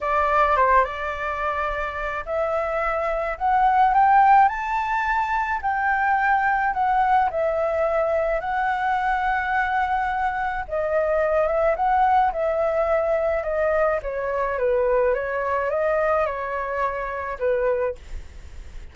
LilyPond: \new Staff \with { instrumentName = "flute" } { \time 4/4 \tempo 4 = 107 d''4 c''8 d''2~ d''8 | e''2 fis''4 g''4 | a''2 g''2 | fis''4 e''2 fis''4~ |
fis''2. dis''4~ | dis''8 e''8 fis''4 e''2 | dis''4 cis''4 b'4 cis''4 | dis''4 cis''2 b'4 | }